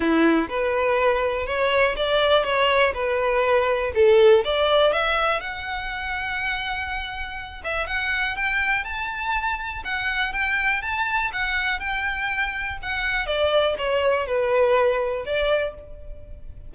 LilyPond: \new Staff \with { instrumentName = "violin" } { \time 4/4 \tempo 4 = 122 e'4 b'2 cis''4 | d''4 cis''4 b'2 | a'4 d''4 e''4 fis''4~ | fis''2.~ fis''8 e''8 |
fis''4 g''4 a''2 | fis''4 g''4 a''4 fis''4 | g''2 fis''4 d''4 | cis''4 b'2 d''4 | }